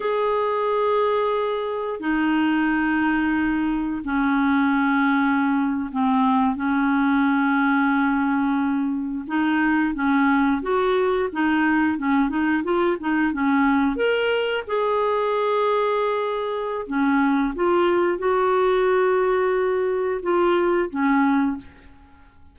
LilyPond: \new Staff \with { instrumentName = "clarinet" } { \time 4/4 \tempo 4 = 89 gis'2. dis'4~ | dis'2 cis'2~ | cis'8. c'4 cis'2~ cis'16~ | cis'4.~ cis'16 dis'4 cis'4 fis'16~ |
fis'8. dis'4 cis'8 dis'8 f'8 dis'8 cis'16~ | cis'8. ais'4 gis'2~ gis'16~ | gis'4 cis'4 f'4 fis'4~ | fis'2 f'4 cis'4 | }